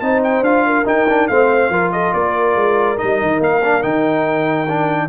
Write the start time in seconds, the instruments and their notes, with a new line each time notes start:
0.00 tuba C4, trombone D#4, horn C5, trumpet A5
0.23 trumpet G5
0.41 tuba D4, trombone F4, trumpet F5
0.66 horn A#4
0.85 trombone D#4, tuba D#4, trumpet G5
1.09 trombone D4
1.28 tuba A3, trombone C4, horn C5, trumpet F5
1.70 tuba F3, trombone F4, horn A#4
1.92 horn A4, trumpet D#5
2.13 tuba A#3, horn A#4, trumpet D5
2.56 tuba G#3
2.98 tuba G3, trombone D#4, trumpet D#5
3.22 tuba D#3
3.40 tuba A#3, trumpet F5
3.64 trombone D4
3.82 tuba D#3, trombone D#4, trumpet G5
4.69 trombone D4